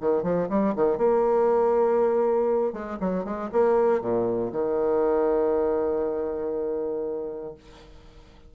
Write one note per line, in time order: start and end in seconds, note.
0.00 0.23 D#3
0.23 0.48 F3
0.49 0.74 G3
0.75 0.97 D#3
0.97 2.72 A#3
2.72 2.98 G#3
3.00 3.24 F#3
3.24 3.49 G#3
3.52 4.01 A#3
4.01 4.51 A#2
4.52 7.54 D#3